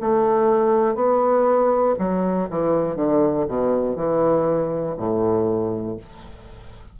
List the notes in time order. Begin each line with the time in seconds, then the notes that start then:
0.00 A3
0.95 B3
1.98 F#3
2.50 E3
2.96 D3
3.48 B2
3.96 E3
4.97 A2